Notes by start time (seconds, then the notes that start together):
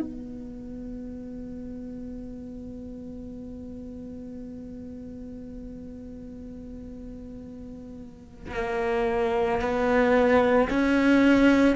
0.00 B3
8.54 A#3
9.61 B3
10.69 C#4